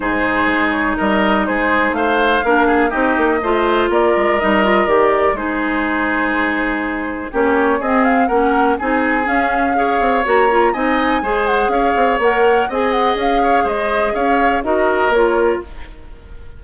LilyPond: <<
  \new Staff \with { instrumentName = "flute" } { \time 4/4 \tempo 4 = 123 c''4. cis''8 dis''4 c''4 | f''2 dis''2 | d''4 dis''4 d''4 c''4~ | c''2. cis''4 |
dis''8 f''8 fis''4 gis''4 f''4~ | f''4 ais''4 gis''4. fis''8 | f''4 fis''4 gis''8 fis''8 f''4 | dis''4 f''4 dis''4 cis''4 | }
  \new Staff \with { instrumentName = "oboe" } { \time 4/4 gis'2 ais'4 gis'4 | c''4 ais'8 gis'8 g'4 c''4 | ais'2. gis'4~ | gis'2. g'4 |
gis'4 ais'4 gis'2 | cis''2 dis''4 c''4 | cis''2 dis''4. cis''8 | c''4 cis''4 ais'2 | }
  \new Staff \with { instrumentName = "clarinet" } { \time 4/4 dis'1~ | dis'4 d'4 dis'4 f'4~ | f'4 dis'8 f'8 g'4 dis'4~ | dis'2. cis'4 |
c'4 cis'4 dis'4 cis'4 | gis'4 fis'8 f'8 dis'4 gis'4~ | gis'4 ais'4 gis'2~ | gis'2 fis'4 f'4 | }
  \new Staff \with { instrumentName = "bassoon" } { \time 4/4 gis,4 gis4 g4 gis4 | a4 ais4 c'8 ais8 a4 | ais8 gis8 g4 dis4 gis4~ | gis2. ais4 |
c'4 ais4 c'4 cis'4~ | cis'8 c'8 ais4 c'4 gis4 | cis'8 c'8 ais4 c'4 cis'4 | gis4 cis'4 dis'4 ais4 | }
>>